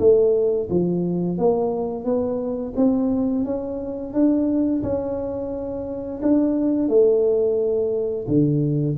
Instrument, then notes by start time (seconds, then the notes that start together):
tuba
0.00 A3
0.70 F3
1.38 A#3
2.05 B3
2.77 C4
3.45 C#4
4.14 D4
4.83 C#4
6.23 D4
6.89 A3
8.28 D3